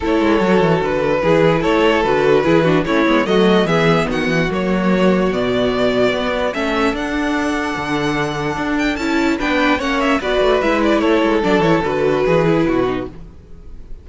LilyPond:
<<
  \new Staff \with { instrumentName = "violin" } { \time 4/4 \tempo 4 = 147 cis''2 b'2 | cis''4 b'2 cis''4 | dis''4 e''4 fis''4 cis''4~ | cis''4 d''2. |
e''4 fis''2.~ | fis''4. g''8 a''4 g''4 | fis''8 e''8 d''4 e''8 d''8 cis''4 | d''8 cis''8 b'2. | }
  \new Staff \with { instrumentName = "violin" } { \time 4/4 a'2. gis'4 | a'2 gis'8 fis'8 e'4 | fis'4 gis'4 fis'2~ | fis'1 |
a'1~ | a'2. b'4 | cis''4 b'2 a'4~ | a'2 gis'4 fis'4 | }
  \new Staff \with { instrumentName = "viola" } { \time 4/4 e'4 fis'2 e'4~ | e'4 fis'4 e'8 d'8 cis'8 b8 | a4 b2 ais4~ | ais4 b2. |
cis'4 d'2.~ | d'2 e'4 d'4 | cis'4 fis'4 e'2 | d'8 e'8 fis'4. e'4 dis'8 | }
  \new Staff \with { instrumentName = "cello" } { \time 4/4 a8 gis8 fis8 e8 d4 e4 | a4 d4 e4 a8 gis8 | fis4 e4 dis8 e8 fis4~ | fis4 b,2 b4 |
a4 d'2 d4~ | d4 d'4 cis'4 b4 | ais4 b8 a8 gis4 a8 gis8 | fis8 e8 d4 e4 b,4 | }
>>